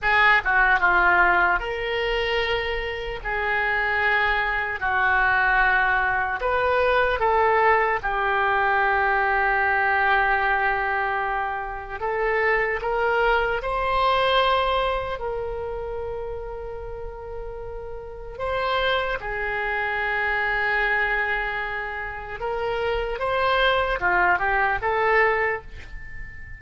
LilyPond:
\new Staff \with { instrumentName = "oboe" } { \time 4/4 \tempo 4 = 75 gis'8 fis'8 f'4 ais'2 | gis'2 fis'2 | b'4 a'4 g'2~ | g'2. a'4 |
ais'4 c''2 ais'4~ | ais'2. c''4 | gis'1 | ais'4 c''4 f'8 g'8 a'4 | }